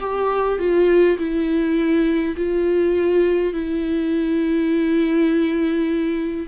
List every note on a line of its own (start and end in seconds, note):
0.00 0.59 G4
0.59 1.17 F4
1.18 2.36 E4
2.36 3.53 F4
3.53 6.47 E4